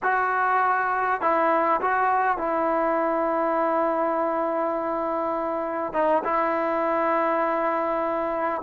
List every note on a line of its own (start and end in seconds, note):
0.02 1.21 F#4
1.21 1.80 E4
1.81 2.37 F#4
2.37 5.93 E4
5.93 6.22 D#4
6.24 8.61 E4